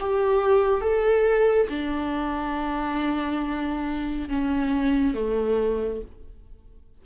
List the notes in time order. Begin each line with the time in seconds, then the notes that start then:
0.00 G4
0.81 A4
1.69 D4
4.30 C#4
5.15 A3